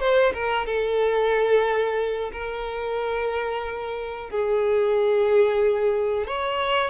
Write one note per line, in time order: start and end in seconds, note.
0.00 0.33 C5
0.34 0.67 A#4
0.67 2.32 A4
2.33 4.31 A#4
4.31 6.27 G#4
6.27 6.91 C#5